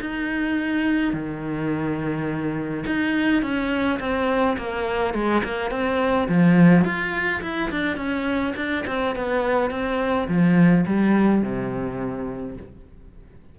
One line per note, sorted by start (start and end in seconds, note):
0.00 1.13 D#4
1.13 2.84 D#3
2.86 3.42 D#4
3.42 3.99 C#4
3.99 4.56 C4
4.57 5.14 A#3
5.14 5.42 G#3
5.44 5.70 A#3
5.70 6.28 C4
6.28 6.84 F3
6.84 7.41 F4
7.42 7.70 E4
7.70 7.96 D4
7.96 8.54 C#4
8.56 8.84 D4
8.86 9.15 C4
9.15 9.70 B3
9.70 10.27 C4
10.28 10.85 F3
10.86 11.42 G3
11.42 12.56 C3